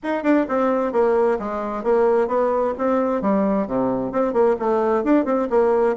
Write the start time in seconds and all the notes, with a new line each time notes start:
0.03 D#4
0.23 D4
0.48 C4
0.92 A#3
1.39 G#3
1.83 A#3
2.27 B3
2.78 C4
3.21 G3
3.67 C3
4.12 C4
4.33 A#3
4.59 A3
5.04 D4
5.25 C4
5.50 A#3